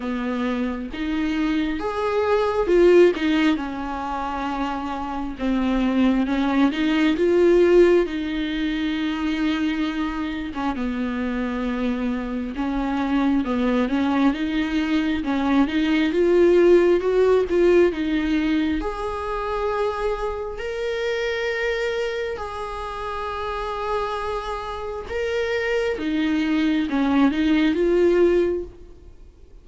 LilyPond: \new Staff \with { instrumentName = "viola" } { \time 4/4 \tempo 4 = 67 b4 dis'4 gis'4 f'8 dis'8 | cis'2 c'4 cis'8 dis'8 | f'4 dis'2~ dis'8. cis'16 | b2 cis'4 b8 cis'8 |
dis'4 cis'8 dis'8 f'4 fis'8 f'8 | dis'4 gis'2 ais'4~ | ais'4 gis'2. | ais'4 dis'4 cis'8 dis'8 f'4 | }